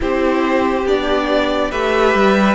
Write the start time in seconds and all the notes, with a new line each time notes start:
0.00 C4 E4 G4 C5
0.85 B3 D4 D5
1.71 A3 G4 B4 E5
2.14 G3